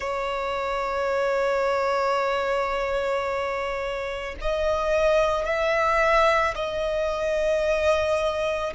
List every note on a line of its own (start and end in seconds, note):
0.00 4.35 C#5
4.41 5.45 D#5
5.45 6.54 E5
6.55 8.73 D#5